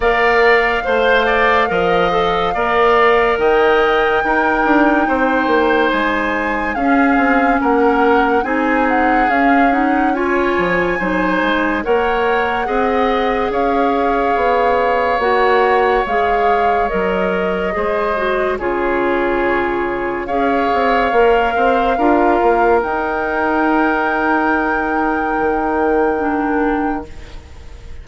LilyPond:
<<
  \new Staff \with { instrumentName = "flute" } { \time 4/4 \tempo 4 = 71 f''1 | g''2. gis''4 | f''4 fis''4 gis''8 fis''8 f''8 fis''8 | gis''2 fis''2 |
f''2 fis''4 f''4 | dis''2 cis''2 | f''2. g''4~ | g''1 | }
  \new Staff \with { instrumentName = "oboe" } { \time 4/4 d''4 c''8 d''8 dis''4 d''4 | dis''4 ais'4 c''2 | gis'4 ais'4 gis'2 | cis''4 c''4 cis''4 dis''4 |
cis''1~ | cis''4 c''4 gis'2 | cis''4. c''8 ais'2~ | ais'1 | }
  \new Staff \with { instrumentName = "clarinet" } { \time 4/4 ais'4 c''4 ais'8 a'8 ais'4~ | ais'4 dis'2. | cis'2 dis'4 cis'8 dis'8 | f'4 dis'4 ais'4 gis'4~ |
gis'2 fis'4 gis'4 | ais'4 gis'8 fis'8 f'2 | gis'4 ais'4 f'4 dis'4~ | dis'2. d'4 | }
  \new Staff \with { instrumentName = "bassoon" } { \time 4/4 ais4 a4 f4 ais4 | dis4 dis'8 d'8 c'8 ais8 gis4 | cis'8 c'8 ais4 c'4 cis'4~ | cis'8 f8 fis8 gis8 ais4 c'4 |
cis'4 b4 ais4 gis4 | fis4 gis4 cis2 | cis'8 c'8 ais8 c'8 d'8 ais8 dis'4~ | dis'2 dis2 | }
>>